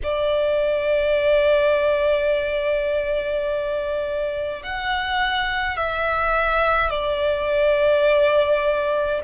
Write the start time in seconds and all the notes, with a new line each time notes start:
0.03 D5
4.62 F#5
5.76 E5
6.90 D5